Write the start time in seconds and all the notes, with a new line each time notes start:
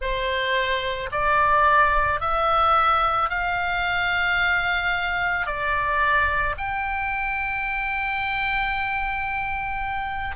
0.00 C5
1.12 D5
2.20 E5
3.29 F5
5.46 D5
6.57 G5